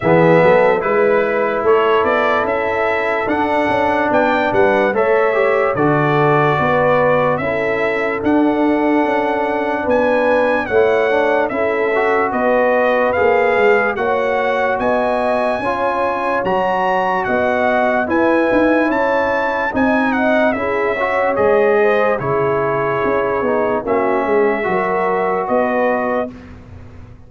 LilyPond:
<<
  \new Staff \with { instrumentName = "trumpet" } { \time 4/4 \tempo 4 = 73 e''4 b'4 cis''8 d''8 e''4 | fis''4 g''8 fis''8 e''4 d''4~ | d''4 e''4 fis''2 | gis''4 fis''4 e''4 dis''4 |
f''4 fis''4 gis''2 | ais''4 fis''4 gis''4 a''4 | gis''8 fis''8 e''4 dis''4 cis''4~ | cis''4 e''2 dis''4 | }
  \new Staff \with { instrumentName = "horn" } { \time 4/4 gis'8 a'8 b'4 a'2~ | a'4 d''8 b'8 cis''4 a'4 | b'4 a'2. | b'4 cis''4 a'4 b'4~ |
b'4 cis''4 dis''4 cis''4~ | cis''4 dis''4 b'4 cis''4 | dis''4 gis'8 cis''4 c''8 gis'4~ | gis'4 fis'8 gis'8 ais'4 b'4 | }
  \new Staff \with { instrumentName = "trombone" } { \time 4/4 b4 e'2. | d'2 a'8 g'8 fis'4~ | fis'4 e'4 d'2~ | d'4 e'8 d'8 e'8 fis'4. |
gis'4 fis'2 f'4 | fis'2 e'2 | dis'4 e'8 fis'8 gis'4 e'4~ | e'8 dis'8 cis'4 fis'2 | }
  \new Staff \with { instrumentName = "tuba" } { \time 4/4 e8 fis8 gis4 a8 b8 cis'4 | d'8 cis'8 b8 g8 a4 d4 | b4 cis'4 d'4 cis'4 | b4 a4 cis'4 b4 |
ais8 gis8 ais4 b4 cis'4 | fis4 b4 e'8 dis'8 cis'4 | c'4 cis'4 gis4 cis4 | cis'8 b8 ais8 gis8 fis4 b4 | }
>>